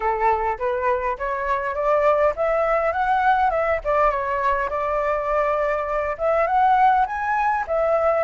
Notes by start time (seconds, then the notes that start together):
0.00 A4
0.58 B4
1.18 C#5
1.74 D5
2.35 E5
2.92 F#5
3.50 E5
3.84 D5
4.10 C#5
4.69 D5
6.18 E5
6.46 F#5
7.06 G#5
7.67 E5